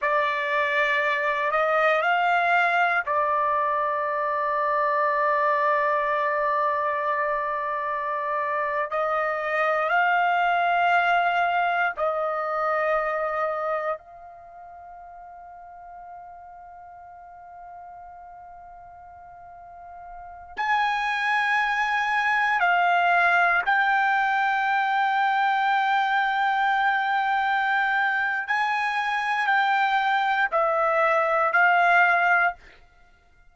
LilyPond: \new Staff \with { instrumentName = "trumpet" } { \time 4/4 \tempo 4 = 59 d''4. dis''8 f''4 d''4~ | d''1~ | d''8. dis''4 f''2 dis''16~ | dis''4.~ dis''16 f''2~ f''16~ |
f''1~ | f''16 gis''2 f''4 g''8.~ | g''1 | gis''4 g''4 e''4 f''4 | }